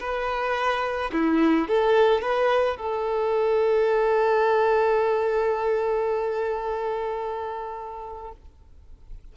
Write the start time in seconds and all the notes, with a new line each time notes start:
0.00 B4
1.12 E4
1.68 A4
2.21 B4
2.77 A4